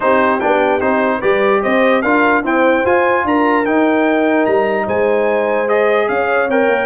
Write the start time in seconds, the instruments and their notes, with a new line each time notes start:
0.00 tuba C4, trombone D#4, horn G4, trumpet C5
0.40 tuba B3, trombone D4, trumpet G5
0.80 tuba C4, trombone D#4, trumpet C5
1.18 tuba G3, trombone G4, horn B4, trumpet D5
1.62 tuba C4, horn C5, trumpet D#5
2.02 tuba D4, trombone F4, horn A#4, trumpet F5
2.43 trombone C4, tuba E4, horn C5, trumpet G5
2.84 trombone F4, tuba F4, trumpet G#5
3.24 tuba D4, horn A#4, trumpet A#5
3.65 tuba D#4, trombone D#4, trumpet G5
4.45 tuba G3, trumpet A#5
4.85 tuba G#3, horn C5, trumpet G#5
5.67 trombone G#4, trumpet D#5
6.08 tuba C#4, horn C#5, trumpet F5
6.48 tuba C4, trombone A#4, trumpet G5
6.68 tuba A#3